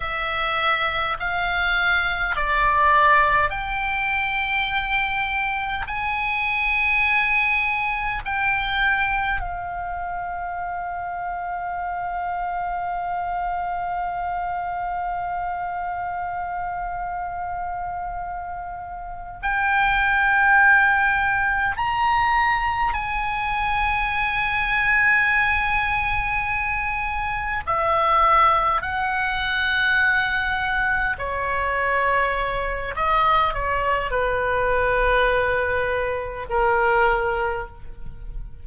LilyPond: \new Staff \with { instrumentName = "oboe" } { \time 4/4 \tempo 4 = 51 e''4 f''4 d''4 g''4~ | g''4 gis''2 g''4 | f''1~ | f''1~ |
f''8 g''2 ais''4 gis''8~ | gis''2.~ gis''8 e''8~ | e''8 fis''2 cis''4. | dis''8 cis''8 b'2 ais'4 | }